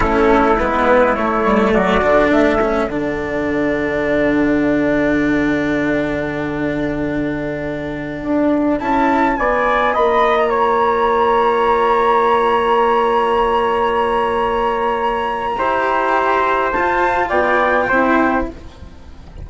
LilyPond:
<<
  \new Staff \with { instrumentName = "flute" } { \time 4/4 \tempo 4 = 104 a'4 b'4 cis''4 d''4 | e''4 fis''2.~ | fis''1~ | fis''2.~ fis''16 a''8.~ |
a''16 gis''4 b''8. ais''2~ | ais''1~ | ais''1~ | ais''4 a''4 g''2 | }
  \new Staff \with { instrumentName = "trumpet" } { \time 4/4 e'2. fis'4 | a'1~ | a'1~ | a'1~ |
a'16 d''4 dis''4 cis''4.~ cis''16~ | cis''1~ | cis''2. c''4~ | c''2 d''4 c''4 | }
  \new Staff \with { instrumentName = "cello" } { \time 4/4 cis'4 b4 a4. d'8~ | d'8 cis'8 d'2.~ | d'1~ | d'2.~ d'16 e'8.~ |
e'16 f'2.~ f'8.~ | f'1~ | f'2. g'4~ | g'4 f'2 e'4 | }
  \new Staff \with { instrumentName = "bassoon" } { \time 4/4 a4 gis4 a8 g8 fis8 d8 | a4 d2.~ | d1~ | d2~ d16 d'4 cis'8.~ |
cis'16 b4 ais2~ ais8.~ | ais1~ | ais2. e'4~ | e'4 f'4 b4 c'4 | }
>>